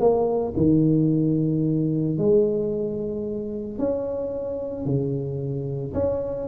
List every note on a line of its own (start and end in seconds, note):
0.00 0.54 A#3
0.57 2.18 D#3
2.18 3.79 G#3
3.79 4.86 C#4
4.86 5.94 C#3
5.94 6.48 C#4